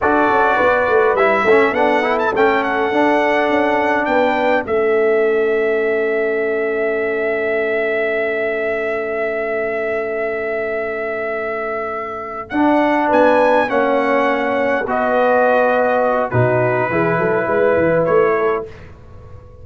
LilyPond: <<
  \new Staff \with { instrumentName = "trumpet" } { \time 4/4 \tempo 4 = 103 d''2 e''4 fis''8. a''16 | g''8 fis''2~ fis''8 g''4 | e''1~ | e''1~ |
e''1~ | e''4. fis''4 gis''4 fis''8~ | fis''4. dis''2~ dis''8 | b'2. cis''4 | }
  \new Staff \with { instrumentName = "horn" } { \time 4/4 a'4 b'4. a'4.~ | a'2. b'4 | a'1~ | a'1~ |
a'1~ | a'2~ a'8 b'4 cis''8~ | cis''4. b'2~ b'8 | fis'4 gis'8 a'8 b'4. a'8 | }
  \new Staff \with { instrumentName = "trombone" } { \time 4/4 fis'2 e'8 cis'8 d'8 e'8 | cis'4 d'2. | cis'1~ | cis'1~ |
cis'1~ | cis'4. d'2 cis'8~ | cis'4. fis'2~ fis'8 | dis'4 e'2. | }
  \new Staff \with { instrumentName = "tuba" } { \time 4/4 d'8 cis'8 b8 a8 g8 a8 b4 | a4 d'4 cis'4 b4 | a1~ | a1~ |
a1~ | a4. d'4 b4 ais8~ | ais4. b2~ b8 | b,4 e8 fis8 gis8 e8 a4 | }
>>